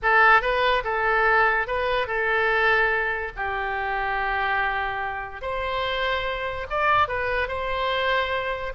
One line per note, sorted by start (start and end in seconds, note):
0.02 0.41 A4
0.41 0.83 B4
0.84 1.67 A4
1.67 2.07 B4
2.07 3.32 A4
3.36 5.41 G4
5.41 6.66 C5
6.70 7.08 D5
7.08 7.48 B4
7.48 8.73 C5